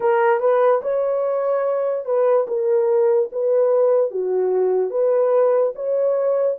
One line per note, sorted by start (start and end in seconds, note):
0.00 0.40 A#4
0.40 0.81 B4
0.82 2.05 C#5
2.05 2.46 B4
2.47 3.29 A#4
3.31 4.11 B4
4.11 4.90 F#4
4.90 5.72 B4
5.75 6.57 C#5